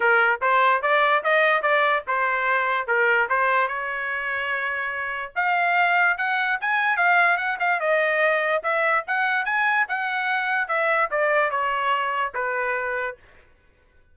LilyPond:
\new Staff \with { instrumentName = "trumpet" } { \time 4/4 \tempo 4 = 146 ais'4 c''4 d''4 dis''4 | d''4 c''2 ais'4 | c''4 cis''2.~ | cis''4 f''2 fis''4 |
gis''4 f''4 fis''8 f''8 dis''4~ | dis''4 e''4 fis''4 gis''4 | fis''2 e''4 d''4 | cis''2 b'2 | }